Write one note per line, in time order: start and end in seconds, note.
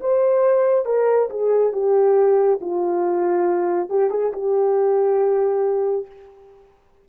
0.00 0.85 C5
0.85 1.29 A#4
1.30 1.72 G#4
1.72 2.59 G4
2.61 3.89 F4
3.89 4.10 G4
4.10 4.32 G#4
4.32 6.06 G4